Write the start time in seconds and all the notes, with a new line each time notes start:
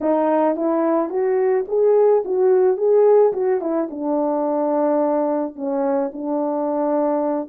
0.01 D#4
0.56 E4
1.09 F#4
1.67 G#4
2.24 F#4
2.77 G#4
3.33 F#4
3.60 E4
3.90 D4
5.55 C#4
6.12 D4